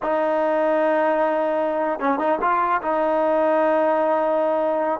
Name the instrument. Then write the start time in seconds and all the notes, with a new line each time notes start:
trombone
0.02 D#4
1.99 C#4
2.19 D#4
2.41 F4
2.81 D#4